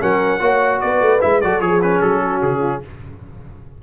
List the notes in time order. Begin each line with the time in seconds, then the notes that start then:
0.00 F#3 C#4 A#4 F#5
0.40 A#3 F#4 C#5
0.80 B3 B4 D5
1.01 A3
1.21 G#3 E4 E5
1.41 F#3 F#4 A4 D5
1.60 F3 G#4 C#5
1.82 C#4 B4
2.01 F#3 A4
2.21 F#4
2.42 C#3 G#4
2.59 F4